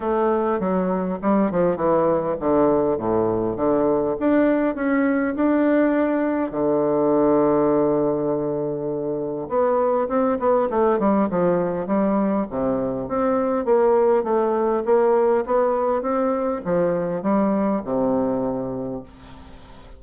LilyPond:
\new Staff \with { instrumentName = "bassoon" } { \time 4/4 \tempo 4 = 101 a4 fis4 g8 f8 e4 | d4 a,4 d4 d'4 | cis'4 d'2 d4~ | d1 |
b4 c'8 b8 a8 g8 f4 | g4 c4 c'4 ais4 | a4 ais4 b4 c'4 | f4 g4 c2 | }